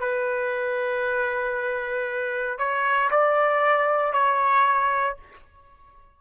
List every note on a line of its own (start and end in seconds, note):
0.00 2.59 B4
2.59 3.10 C#5
3.11 4.13 D5
4.13 5.17 C#5